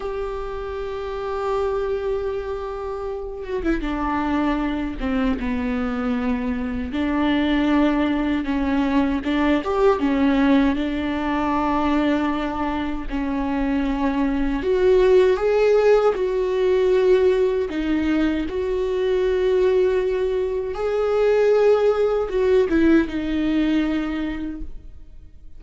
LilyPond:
\new Staff \with { instrumentName = "viola" } { \time 4/4 \tempo 4 = 78 g'1~ | g'8 fis'16 e'16 d'4. c'8 b4~ | b4 d'2 cis'4 | d'8 g'8 cis'4 d'2~ |
d'4 cis'2 fis'4 | gis'4 fis'2 dis'4 | fis'2. gis'4~ | gis'4 fis'8 e'8 dis'2 | }